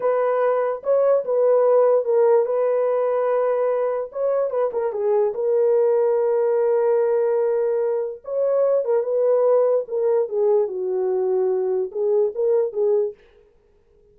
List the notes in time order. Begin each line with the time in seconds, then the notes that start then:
0.00 B4
0.83 C#5
1.24 B4
2.05 A#4
2.45 B4
4.12 C#5
4.50 B4
4.72 A#4
4.92 G#4
5.34 A#4
8.24 C#5
8.84 A#4
9.03 B4
9.87 A#4
10.29 G#4
10.67 F#4
11.91 G#4
12.34 A#4
12.73 G#4